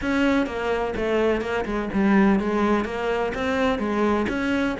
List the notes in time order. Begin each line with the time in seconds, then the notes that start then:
0.01 C#4
0.46 A#3
0.95 A3
1.41 A#3
1.65 G#3
1.93 G3
2.39 G#3
2.84 A#3
3.34 C4
3.79 G#3
4.28 C#4